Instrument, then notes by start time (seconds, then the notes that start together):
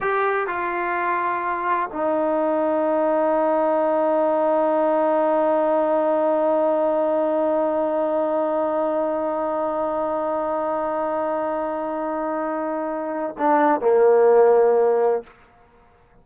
trombone
0.00 G4
0.47 F4
1.92 D#4
13.38 D4
13.80 A#3